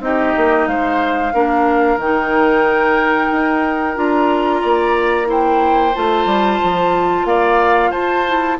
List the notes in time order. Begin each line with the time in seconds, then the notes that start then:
0.00 C4 D#4 G4 D#5
0.37 A#3
0.67 G#3 C5 F5
1.33 A#3 D4 A#4
1.97 D#3 D#4 G5
3.32 D#4
3.95 D4 F4 A#5
4.62 A#3 D5
5.25 E4 C5 G5
5.95 A3 F4 A5
6.26 G3
6.63 F3
7.25 A#3 D5 F5
7.91 F4 C5 A5
8.27 E4